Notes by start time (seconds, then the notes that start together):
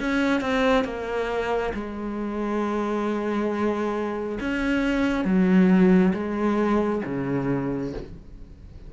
0.00 C#4
0.41 C4
0.85 A#3
1.74 G#3
4.40 C#4
5.25 F#3
6.14 G#3
7.05 C#3